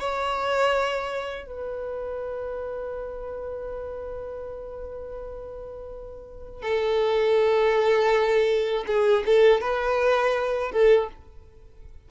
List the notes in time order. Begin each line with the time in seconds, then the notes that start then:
0.00 C#5
1.47 B4
6.62 A4
8.87 G#4
9.26 A4
9.61 B4
10.72 A4